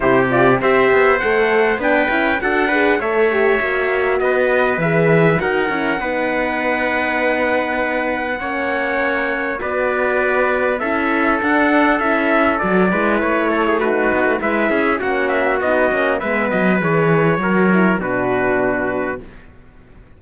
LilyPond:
<<
  \new Staff \with { instrumentName = "trumpet" } { \time 4/4 \tempo 4 = 100 c''8 d''8 e''4 fis''4 g''4 | fis''4 e''2 dis''4 | e''4 fis''2.~ | fis''1 |
d''2 e''4 fis''4 | e''4 d''4 cis''4 b'4 | e''4 fis''8 e''8 dis''4 e''8 dis''8 | cis''2 b'2 | }
  \new Staff \with { instrumentName = "trumpet" } { \time 4/4 g'4 c''2 b'4 | a'8 b'8 cis''2 b'4~ | b'4 ais'4 b'2~ | b'2 cis''2 |
b'2 a'2~ | a'4. b'4 a'16 gis'16 fis'4 | b'8 gis'8 fis'2 b'4~ | b'4 ais'4 fis'2 | }
  \new Staff \with { instrumentName = "horn" } { \time 4/4 e'8 f'8 g'4 a'4 d'8 e'8 | fis'8 gis'8 a'8 g'8 fis'2 | gis'4 fis'8 e'8 dis'2~ | dis'2 cis'2 |
fis'2 e'4 d'4 | e'4 fis'8 e'4. dis'4 | e'4 cis'4 dis'8 cis'8 b4 | gis'4 fis'8 e'8 d'2 | }
  \new Staff \with { instrumentName = "cello" } { \time 4/4 c4 c'8 b8 a4 b8 cis'8 | d'4 a4 ais4 b4 | e4 dis'8 cis'8 b2~ | b2 ais2 |
b2 cis'4 d'4 | cis'4 fis8 gis8 a4. b16 a16 | gis8 cis'8 ais4 b8 ais8 gis8 fis8 | e4 fis4 b,2 | }
>>